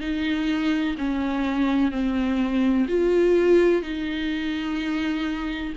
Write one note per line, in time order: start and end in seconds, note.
0.00 0.95 D#4
0.98 1.91 C#4
1.91 2.87 C4
2.88 3.82 F4
3.82 5.73 D#4